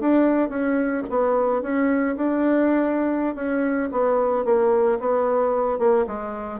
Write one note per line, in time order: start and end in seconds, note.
0.00 0.49 D4
0.49 1.03 C#4
1.10 1.62 B3
1.62 2.16 C#4
2.16 3.35 D4
3.35 3.89 C#4
3.92 4.44 B3
4.44 4.99 A#3
5.00 5.79 B3
5.79 6.06 A#3
6.07 6.60 G#3